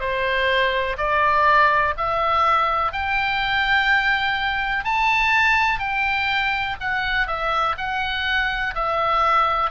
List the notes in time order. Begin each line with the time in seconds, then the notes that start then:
0.00 C5
0.97 D5
1.97 E5
2.93 G5
4.84 A5
5.79 G5
6.80 F#5
7.27 E5
7.77 F#5
8.74 E5